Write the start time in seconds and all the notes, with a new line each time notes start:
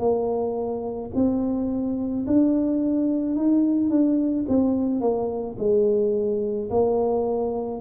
0.00 A#3
1.15 C4
2.27 D4
3.36 D#4
3.90 D4
4.49 C4
5.01 A#3
5.59 G#3
6.70 A#3